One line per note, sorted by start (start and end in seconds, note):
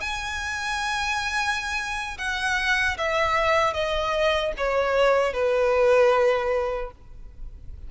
0.00 2.17 G#5
2.18 2.97 F#5
2.97 3.73 E5
3.73 4.52 D#5
4.57 5.33 C#5
5.33 6.91 B4